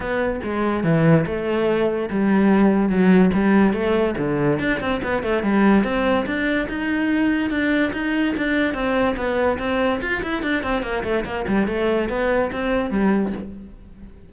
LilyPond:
\new Staff \with { instrumentName = "cello" } { \time 4/4 \tempo 4 = 144 b4 gis4 e4 a4~ | a4 g2 fis4 | g4 a4 d4 d'8 c'8 | b8 a8 g4 c'4 d'4 |
dis'2 d'4 dis'4 | d'4 c'4 b4 c'4 | f'8 e'8 d'8 c'8 ais8 a8 ais8 g8 | a4 b4 c'4 g4 | }